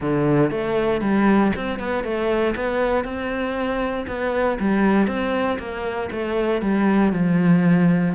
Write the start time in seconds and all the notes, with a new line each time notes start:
0.00 D3
0.50 A3
1.01 G3
1.55 C4
1.79 B3
2.03 A3
2.55 B3
3.04 C4
4.07 B3
4.59 G3
5.07 C4
5.58 A#3
6.11 A3
6.61 G3
7.12 F3